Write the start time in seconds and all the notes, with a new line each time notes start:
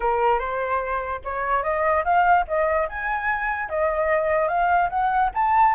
0.00 A#4
0.39 C5
1.24 C#5
1.63 D#5
2.04 F5
2.47 D#5
2.88 G#5
3.69 D#5
4.48 F5
4.89 F#5
5.34 A5